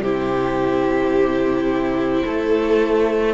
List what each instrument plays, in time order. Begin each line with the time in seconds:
0.00 cello C3, viola E4, violin G4 C5
2.25 cello A3, violin A4